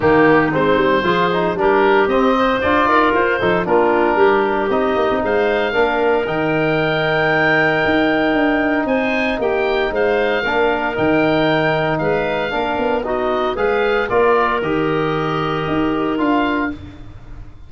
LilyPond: <<
  \new Staff \with { instrumentName = "oboe" } { \time 4/4 \tempo 4 = 115 g'4 c''2 ais'4 | dis''4 d''4 c''4 ais'4~ | ais'4 dis''4 f''2 | g''1~ |
g''4 gis''4 g''4 f''4~ | f''4 g''2 f''4~ | f''4 dis''4 f''4 d''4 | dis''2. f''4 | }
  \new Staff \with { instrumentName = "clarinet" } { \time 4/4 dis'2 gis'4 g'4~ | g'8 c''4 ais'4 a'8 f'4 | g'2 c''4 ais'4~ | ais'1~ |
ais'4 c''4 g'4 c''4 | ais'2. b'4 | ais'4 fis'4 b'4 ais'4~ | ais'1 | }
  \new Staff \with { instrumentName = "trombone" } { \time 4/4 ais4 c'4 f'8 dis'8 d'4 | c'4 f'4. dis'8 d'4~ | d'4 dis'2 d'4 | dis'1~ |
dis'1 | d'4 dis'2. | d'4 dis'4 gis'4 f'4 | g'2. f'4 | }
  \new Staff \with { instrumentName = "tuba" } { \time 4/4 dis4 gis8 g8 f4 g4 | c'4 d'8 dis'8 f'8 f8 ais4 | g4 c'8 ais16 c'16 gis4 ais4 | dis2. dis'4 |
d'4 c'4 ais4 gis4 | ais4 dis2 gis4 | ais8 b4. gis4 ais4 | dis2 dis'4 d'4 | }
>>